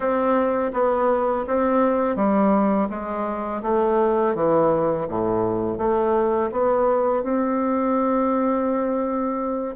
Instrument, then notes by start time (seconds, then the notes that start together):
bassoon
0.00 C4
0.73 B3
1.46 C4
2.16 G3
2.89 G#3
3.62 A3
4.34 E3
5.08 A2
5.78 A3
6.51 B3
7.23 C4